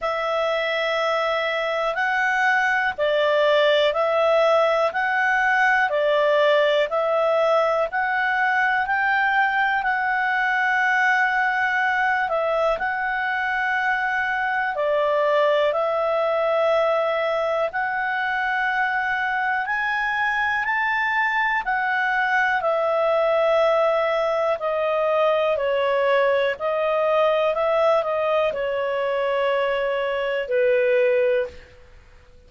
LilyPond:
\new Staff \with { instrumentName = "clarinet" } { \time 4/4 \tempo 4 = 61 e''2 fis''4 d''4 | e''4 fis''4 d''4 e''4 | fis''4 g''4 fis''2~ | fis''8 e''8 fis''2 d''4 |
e''2 fis''2 | gis''4 a''4 fis''4 e''4~ | e''4 dis''4 cis''4 dis''4 | e''8 dis''8 cis''2 b'4 | }